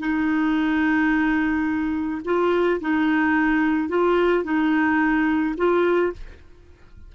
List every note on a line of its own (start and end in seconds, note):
0.00 2.22 D#4
2.25 2.81 F4
2.81 3.89 D#4
3.89 4.44 F4
4.44 5.56 D#4
5.58 6.13 F4